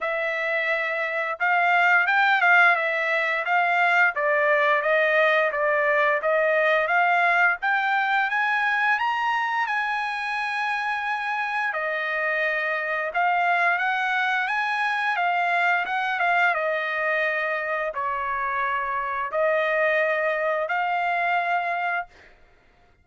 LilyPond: \new Staff \with { instrumentName = "trumpet" } { \time 4/4 \tempo 4 = 87 e''2 f''4 g''8 f''8 | e''4 f''4 d''4 dis''4 | d''4 dis''4 f''4 g''4 | gis''4 ais''4 gis''2~ |
gis''4 dis''2 f''4 | fis''4 gis''4 f''4 fis''8 f''8 | dis''2 cis''2 | dis''2 f''2 | }